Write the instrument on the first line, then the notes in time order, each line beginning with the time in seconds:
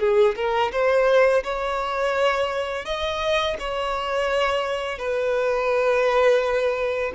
violin
0.00 G#4
0.36 A#4
0.72 C5
1.44 C#5
2.85 D#5
3.60 C#5
4.99 B4